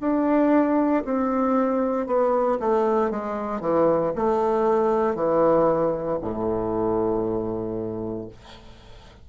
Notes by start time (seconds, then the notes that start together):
0.00 D4
1.04 C4
2.06 B3
2.60 A3
3.10 G#3
3.61 E3
4.15 A3
5.15 E3
6.21 A2